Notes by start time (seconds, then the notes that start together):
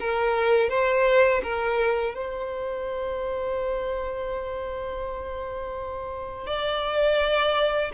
0.00 A#4
0.69 C5
1.43 A#4
2.15 C5
6.47 D5